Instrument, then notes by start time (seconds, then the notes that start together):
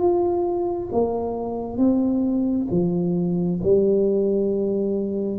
tuba
0.00 F4
0.92 A#3
1.78 C4
2.71 F3
3.64 G3